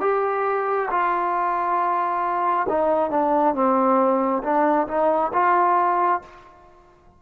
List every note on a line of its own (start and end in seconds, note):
0.00 0.88 G4
0.90 2.67 F4
2.69 3.10 D#4
3.10 3.54 D4
3.54 4.42 C4
4.43 4.87 D4
4.87 5.31 D#4
5.33 6.21 F4